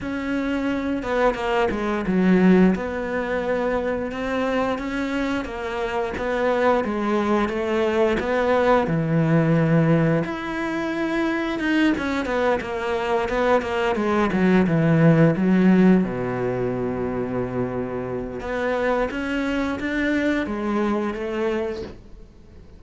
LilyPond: \new Staff \with { instrumentName = "cello" } { \time 4/4 \tempo 4 = 88 cis'4. b8 ais8 gis8 fis4 | b2 c'4 cis'4 | ais4 b4 gis4 a4 | b4 e2 e'4~ |
e'4 dis'8 cis'8 b8 ais4 b8 | ais8 gis8 fis8 e4 fis4 b,8~ | b,2. b4 | cis'4 d'4 gis4 a4 | }